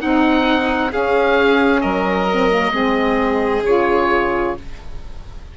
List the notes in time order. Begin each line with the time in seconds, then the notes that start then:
0.00 C4 D#4 F#5
0.91 C#4 G#4 F5
1.81 F#3 A#4 D#5
2.32 C4
2.50 A#3
2.72 G#3 C4 G#4
3.62 C#3 F4 C#5